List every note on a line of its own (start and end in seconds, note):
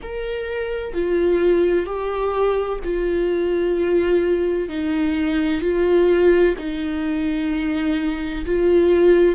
0.02 0.93 A#4
0.93 1.85 F4
1.85 2.79 G4
2.84 4.69 F4
4.69 5.61 D#4
5.61 6.55 F4
6.58 8.45 D#4
8.45 9.35 F4